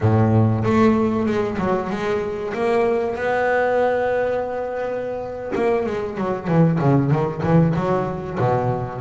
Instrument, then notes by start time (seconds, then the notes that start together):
double bass
0.00 A2
0.64 A3
1.26 G#3
1.58 F#3
1.90 G#3
2.53 A#3
3.15 B3
5.55 A#3
5.86 G#3
6.17 F#3
6.47 E3
6.79 C#3
7.11 D#3
7.43 E3
7.75 F#3
8.39 B2